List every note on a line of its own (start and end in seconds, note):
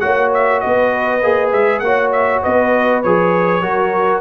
0.00 0.64 A#3
0.00 1.21 F#4
0.00 0.63 C#5
0.00 0.30 F#5
0.34 0.61 E5
0.61 1.23 B3
0.61 1.84 B4
0.61 1.51 D#5
1.23 1.53 A#3
1.23 1.84 G#4
1.52 1.81 G#3
1.52 1.80 E5
1.80 2.41 A#3
1.80 3.05 F#4
1.80 2.43 C#5
1.80 2.10 F#5
2.12 2.43 E5
2.43 3.05 B3
2.43 3.63 B4
2.43 3.03 D#5
3.03 3.62 F3
3.03 3.63 G#4
3.03 4.21 C#5
3.62 4.21 F#3
3.62 4.21 F#4
3.62 4.21 A#4